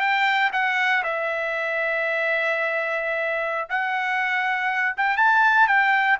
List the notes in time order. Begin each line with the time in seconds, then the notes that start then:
0.00 G5
0.52 F#5
1.03 E5
3.69 F#5
4.97 G5
5.17 A5
5.67 G5